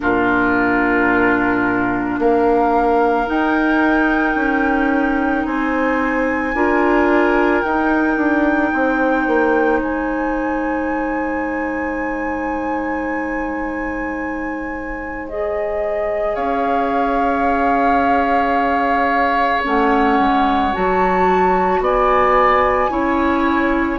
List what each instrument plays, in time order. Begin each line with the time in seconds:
0.00 bassoon A#2, clarinet D4, oboe F4, flute A#4
2.18 bassoon A#3, oboe A#4, flute F5
3.26 clarinet D#4, bassoon D#4, flute G5
4.35 bassoon C#4
5.44 bassoon C4, oboe C5, flute G#5
6.53 bassoon D4, clarinet F4, oboe A#4
7.61 bassoon D#4, clarinet D#4, flute G5
8.16 bassoon D4
8.72 bassoon C4, oboe C5
9.27 bassoon A#3
9.80 bassoon G#3, flute G#5
15.28 clarinet G#4, flute D#5
16.34 bassoon C#4, oboe C#5, flute F5
19.63 bassoon A3, clarinet C#4, flute F#5
20.19 bassoon G#3
20.72 bassoon F#3, clarinet F#4, flute A5
21.80 bassoon B3, oboe D5, flute G#5
22.89 bassoon C#4, clarinet E4, oboe C#5